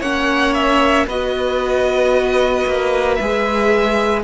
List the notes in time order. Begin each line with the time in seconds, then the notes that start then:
0.00 A#3 C#4 C#5 F#5
0.53 E5
1.06 B3 F#4 B4 D#5
2.66 A#3
3.15 G#3 G#4 E5